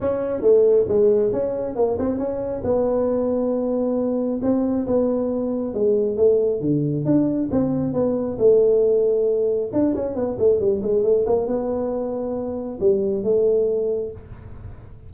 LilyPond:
\new Staff \with { instrumentName = "tuba" } { \time 4/4 \tempo 4 = 136 cis'4 a4 gis4 cis'4 | ais8 c'8 cis'4 b2~ | b2 c'4 b4~ | b4 gis4 a4 d4 |
d'4 c'4 b4 a4~ | a2 d'8 cis'8 b8 a8 | g8 gis8 a8 ais8 b2~ | b4 g4 a2 | }